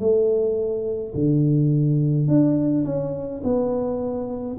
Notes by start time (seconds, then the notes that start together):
0.00 A3
1.15 D3
2.28 D4
2.86 C#4
3.44 B3